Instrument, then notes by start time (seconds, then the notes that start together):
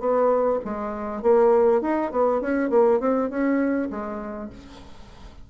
bassoon
0.00 B3
0.65 G#3
1.22 A#3
1.82 D#4
2.11 B3
2.41 C#4
2.70 A#3
3.00 C4
3.30 C#4
3.90 G#3